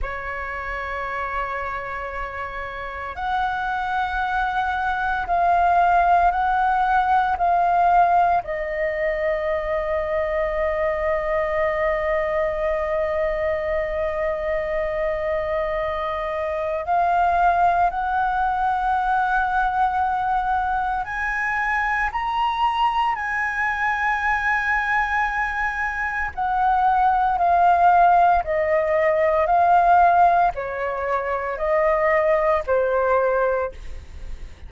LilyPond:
\new Staff \with { instrumentName = "flute" } { \time 4/4 \tempo 4 = 57 cis''2. fis''4~ | fis''4 f''4 fis''4 f''4 | dis''1~ | dis''1 |
f''4 fis''2. | gis''4 ais''4 gis''2~ | gis''4 fis''4 f''4 dis''4 | f''4 cis''4 dis''4 c''4 | }